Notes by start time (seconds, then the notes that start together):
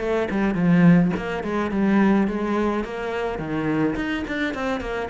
0.00 A3
0.31 G3
0.55 F3
1.17 A#3
1.44 G#3
1.71 G3
2.28 G#3
2.84 A#3
3.39 D#3
3.96 D#4
4.28 D4
4.54 C4
4.81 A#3